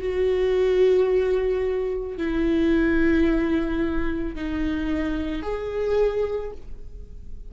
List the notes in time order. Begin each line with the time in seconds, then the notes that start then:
0.00 F#4
2.18 E4
4.36 D#4
5.42 G#4